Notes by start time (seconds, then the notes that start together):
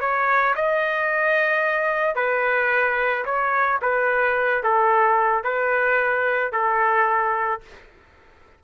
0.00 C#5
0.55 D#5
2.15 B4
3.25 C#5
3.81 B4
4.63 A4
5.43 B4
6.52 A4